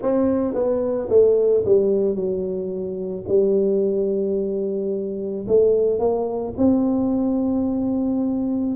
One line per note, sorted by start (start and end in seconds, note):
0.01 0.54 C4
0.54 1.08 B3
1.09 1.64 A3
1.65 2.15 G3
2.15 3.24 F#3
3.28 5.46 G3
5.47 5.99 A3
5.99 6.53 A#3
6.57 8.76 C4